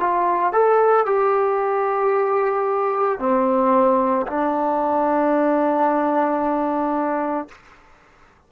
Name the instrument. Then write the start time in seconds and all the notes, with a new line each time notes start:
trombone
0.00 F4
0.53 A4
1.06 G4
3.19 C4
4.27 D4